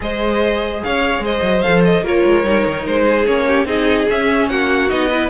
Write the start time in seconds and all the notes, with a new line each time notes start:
0.00 G#3 G#4 C5 D#5
0.83 C#4 C#5 F5
1.19 G#3 C5 D#5
1.42 F#3
1.61 A4 F5
1.67 F3
1.84 D#5
2.01 A#3 F4 A#4 C#5
2.25 G#3
2.43 G3 D#4
2.66 D#3
2.86 G#3 C5
3.04 G#4
3.26 A#3 C#4 C#5
3.47 G4
3.64 C4 D#4 G#4 D#5
4.09 C#4 E5
4.48 A#3 F#4 F#5
4.89 B3 D#4 D#5
5.10 E4 B4